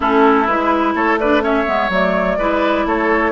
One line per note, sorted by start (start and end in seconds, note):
0.00 0.48 A3
0.00 0.47 C#4
0.00 0.93 E4
0.00 0.46 A4
0.46 0.94 G#3
0.46 1.20 E4
0.46 0.94 B4
0.94 1.65 A3
0.94 1.19 A4
0.94 1.18 C#5
1.19 1.41 D4
1.19 1.43 B4
1.19 1.43 D5
1.41 1.64 C#4
1.41 2.38 C#5
1.41 1.91 E5
1.66 1.89 G#3
1.66 1.89 B3
1.89 2.36 F#3
1.89 2.38 A3
1.89 2.87 D5
2.37 2.85 G#3
2.37 3.31 E4
2.37 2.85 B4
2.85 3.31 A3
2.85 3.31 A4
2.85 3.31 C#5